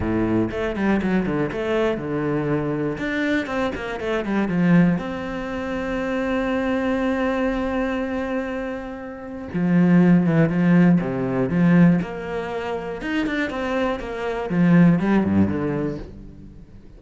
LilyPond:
\new Staff \with { instrumentName = "cello" } { \time 4/4 \tempo 4 = 120 a,4 a8 g8 fis8 d8 a4 | d2 d'4 c'8 ais8 | a8 g8 f4 c'2~ | c'1~ |
c'2. f4~ | f8 e8 f4 c4 f4 | ais2 dis'8 d'8 c'4 | ais4 f4 g8 g,8 d4 | }